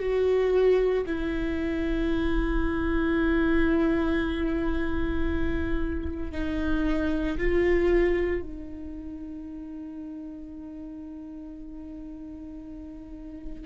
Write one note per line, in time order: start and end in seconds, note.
0.00 1.05 F#4
1.07 6.33 E4
6.33 7.38 D#4
7.38 8.42 F4
8.42 13.66 D#4